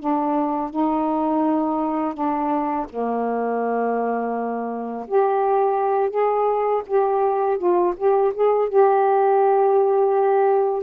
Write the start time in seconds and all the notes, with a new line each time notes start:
0.00 D4
0.71 D#4
2.14 D4
2.90 A#3
5.08 G4
6.11 G#4
6.87 G4
7.58 F4
7.97 G4
8.34 G#4
8.69 G4